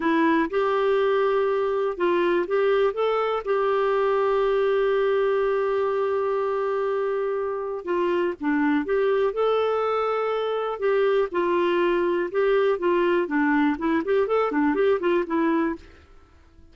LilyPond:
\new Staff \with { instrumentName = "clarinet" } { \time 4/4 \tempo 4 = 122 e'4 g'2. | f'4 g'4 a'4 g'4~ | g'1~ | g'1 |
f'4 d'4 g'4 a'4~ | a'2 g'4 f'4~ | f'4 g'4 f'4 d'4 | e'8 g'8 a'8 d'8 g'8 f'8 e'4 | }